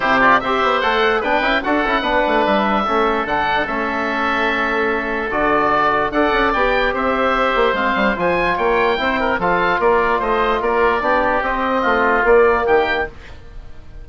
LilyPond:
<<
  \new Staff \with { instrumentName = "oboe" } { \time 4/4 \tempo 4 = 147 c''8 d''8 e''4 fis''4 g''4 | fis''2 e''2 | fis''4 e''2.~ | e''4 d''2 fis''4 |
g''4 e''2 f''4 | gis''4 g''2 f''4 | d''4 dis''4 d''2 | dis''2 d''4 g''4 | }
  \new Staff \with { instrumentName = "oboe" } { \time 4/4 g'4 c''2 b'4 | a'4 b'2 a'4~ | a'1~ | a'2. d''4~ |
d''4 c''2.~ | c''4 cis''4 c''8 ais'8 a'4 | ais'4 c''4 ais'4 g'4~ | g'4 f'2 g'4 | }
  \new Staff \with { instrumentName = "trombone" } { \time 4/4 e'8 f'8 g'4 a'4 d'8 e'8 | fis'8 e'8 d'2 cis'4 | d'4 cis'2.~ | cis'4 fis'2 a'4 |
g'2. c'4 | f'2 e'4 f'4~ | f'2. d'4 | c'2 ais2 | }
  \new Staff \with { instrumentName = "bassoon" } { \time 4/4 c4 c'8 b8 a4 b8 cis'8 | d'8 cis'8 b8 a8 g4 a4 | d4 a2.~ | a4 d2 d'8 cis'8 |
b4 c'4. ais8 gis8 g8 | f4 ais4 c'4 f4 | ais4 a4 ais4 b4 | c'4 a4 ais4 dis4 | }
>>